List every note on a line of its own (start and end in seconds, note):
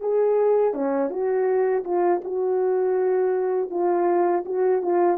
0.00 0.73 G#4
0.73 1.09 C#4
1.09 1.84 F#4
1.84 2.21 F4
2.24 3.70 F#4
3.70 4.44 F4
4.45 4.82 F#4
4.82 5.17 F4